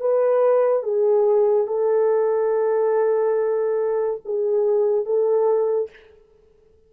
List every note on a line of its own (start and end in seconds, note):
0.00 0.83 B4
0.83 1.67 G#4
1.67 4.21 A4
4.25 5.05 G#4
5.05 5.90 A4